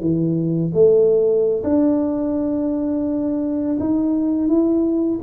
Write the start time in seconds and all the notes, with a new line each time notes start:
0.00 E3
0.73 A3
1.63 D4
3.79 D#4
4.48 E4